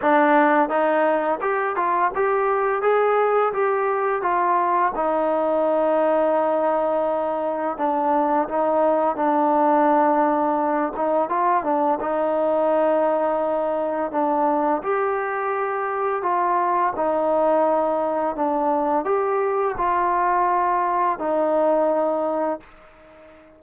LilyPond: \new Staff \with { instrumentName = "trombone" } { \time 4/4 \tempo 4 = 85 d'4 dis'4 g'8 f'8 g'4 | gis'4 g'4 f'4 dis'4~ | dis'2. d'4 | dis'4 d'2~ d'8 dis'8 |
f'8 d'8 dis'2. | d'4 g'2 f'4 | dis'2 d'4 g'4 | f'2 dis'2 | }